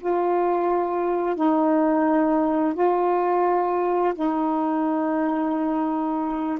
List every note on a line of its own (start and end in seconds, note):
0.00 1.35 F4
1.35 2.74 D#4
2.74 4.14 F4
4.14 6.58 D#4